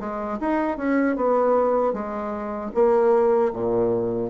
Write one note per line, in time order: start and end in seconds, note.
0.00 0.39 G#3
0.41 0.78 D#4
0.78 1.17 C#4
1.17 1.94 B3
1.94 2.72 G#3
2.75 3.53 A#3
3.53 4.31 A#2